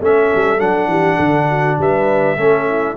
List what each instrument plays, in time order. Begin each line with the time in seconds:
0.00 tuba A3, trombone C#4, horn A4, trumpet E5
0.34 tuba G3
0.58 tuba F#3, trombone D4, trumpet F#5
0.87 tuba E3, horn G4
1.15 tuba D3, horn A4
1.49 horn F#4
1.78 tuba G3, horn B4, trumpet E5
2.36 tuba A3, trombone C#4, horn A4
2.68 horn E4